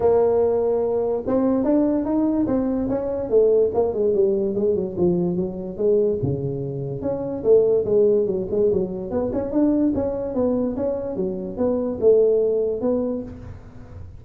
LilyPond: \new Staff \with { instrumentName = "tuba" } { \time 4/4 \tempo 4 = 145 ais2. c'4 | d'4 dis'4 c'4 cis'4 | a4 ais8 gis8 g4 gis8 fis8 | f4 fis4 gis4 cis4~ |
cis4 cis'4 a4 gis4 | fis8 gis8 fis4 b8 cis'8 d'4 | cis'4 b4 cis'4 fis4 | b4 a2 b4 | }